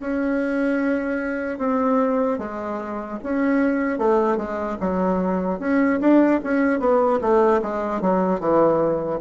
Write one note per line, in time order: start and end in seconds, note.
0.00 1.58 C#4
1.58 2.38 C4
2.38 3.18 G#3
3.23 3.99 C#4
3.99 4.37 A3
4.37 4.77 G#3
4.80 5.59 F#3
5.59 5.99 C#4
6.00 6.40 D4
6.44 6.79 C#4
6.79 7.19 B3
7.21 7.61 A3
7.62 8.01 G#3
8.01 8.40 F#3
8.40 9.20 E3